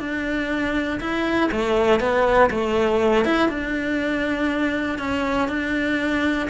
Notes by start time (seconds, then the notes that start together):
0.00 D4
1.01 E4
1.52 A3
2.00 B3
2.51 A3
3.25 E4
3.49 D4
4.98 C#4
5.49 D4